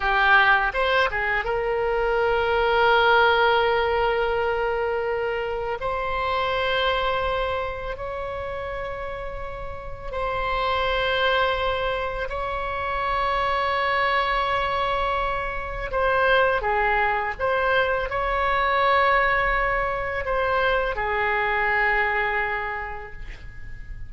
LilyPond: \new Staff \with { instrumentName = "oboe" } { \time 4/4 \tempo 4 = 83 g'4 c''8 gis'8 ais'2~ | ais'1 | c''2. cis''4~ | cis''2 c''2~ |
c''4 cis''2.~ | cis''2 c''4 gis'4 | c''4 cis''2. | c''4 gis'2. | }